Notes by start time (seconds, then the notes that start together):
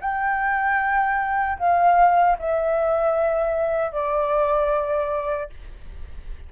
0.00 G5
1.59 F5
2.39 E5
3.92 D5